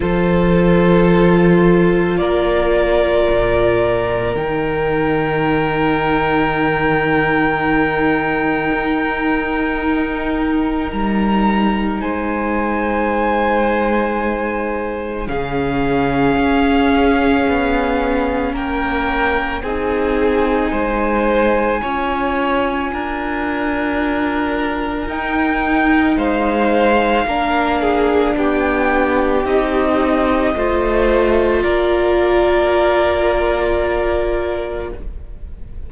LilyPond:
<<
  \new Staff \with { instrumentName = "violin" } { \time 4/4 \tempo 4 = 55 c''2 d''2 | g''1~ | g''2 ais''4 gis''4~ | gis''2 f''2~ |
f''4 g''4 gis''2~ | gis''2. g''4 | f''2 g''4 dis''4~ | dis''4 d''2. | }
  \new Staff \with { instrumentName = "violin" } { \time 4/4 a'2 ais'2~ | ais'1~ | ais'2. c''4~ | c''2 gis'2~ |
gis'4 ais'4 gis'4 c''4 | cis''4 ais'2. | c''4 ais'8 gis'8 g'2 | c''4 ais'2. | }
  \new Staff \with { instrumentName = "viola" } { \time 4/4 f'1 | dis'1~ | dis'1~ | dis'2 cis'2~ |
cis'2 dis'2 | f'2. dis'4~ | dis'4 d'2 dis'4 | f'1 | }
  \new Staff \with { instrumentName = "cello" } { \time 4/4 f2 ais4 ais,4 | dis1 | dis'2 g4 gis4~ | gis2 cis4 cis'4 |
b4 ais4 c'4 gis4 | cis'4 d'2 dis'4 | gis4 ais4 b4 c'4 | a4 ais2. | }
>>